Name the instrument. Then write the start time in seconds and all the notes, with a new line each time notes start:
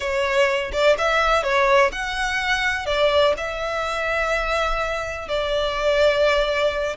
violin
0.00 C#5
0.72 D5
0.98 E5
1.43 C#5
1.91 F#5
2.86 D5
3.37 E5
5.28 D5